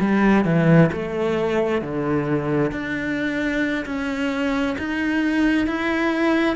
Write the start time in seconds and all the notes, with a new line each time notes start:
0.00 G3
0.45 E3
0.92 A3
1.82 D3
2.72 D4
3.86 C#4
4.79 D#4
5.67 E4